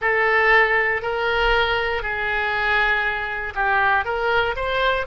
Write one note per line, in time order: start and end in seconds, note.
0.01 1.02 A4
1.02 2.02 A#4
2.02 3.53 G#4
3.54 4.04 G4
4.04 4.55 A#4
4.55 5.06 C5